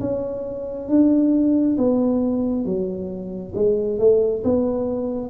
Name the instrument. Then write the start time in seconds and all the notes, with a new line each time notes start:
tuba
0.00 C#4
0.89 D4
1.78 B3
2.65 F#3
3.55 G#3
3.99 A3
4.44 B3